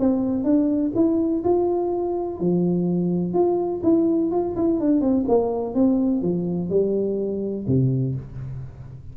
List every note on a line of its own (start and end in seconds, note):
0.00 0.45 C4
0.45 0.93 D4
0.96 1.44 E4
1.45 2.40 F4
2.40 3.34 F3
3.34 3.82 F4
3.84 4.32 E4
4.32 4.56 F4
4.57 4.80 E4
4.80 5.01 D4
5.01 5.25 C4
5.28 5.75 A#3
5.75 6.22 C4
6.22 6.70 F3
6.70 7.66 G3
7.68 8.16 C3